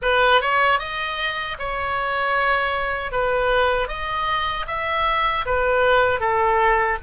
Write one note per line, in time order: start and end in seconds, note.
0.02 0.41 B4
0.41 0.79 C#5
0.79 1.57 D#5
1.58 3.11 C#5
3.11 3.87 B4
3.87 4.65 D#5
4.67 5.45 E5
5.45 6.19 B4
6.19 6.97 A4